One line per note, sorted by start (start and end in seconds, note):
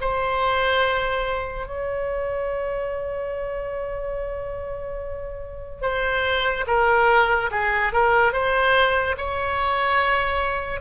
0.00 1.66 C5
1.66 5.81 C#5
5.81 6.64 C5
6.66 7.50 A#4
7.50 7.92 G#4
7.92 8.32 A#4
8.32 9.16 C5
9.17 10.80 C#5